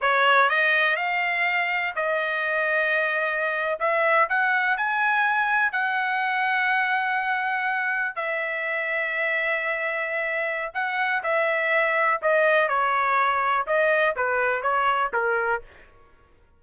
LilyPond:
\new Staff \with { instrumentName = "trumpet" } { \time 4/4 \tempo 4 = 123 cis''4 dis''4 f''2 | dis''2.~ dis''8. e''16~ | e''8. fis''4 gis''2 fis''16~ | fis''1~ |
fis''8. e''2.~ e''16~ | e''2 fis''4 e''4~ | e''4 dis''4 cis''2 | dis''4 b'4 cis''4 ais'4 | }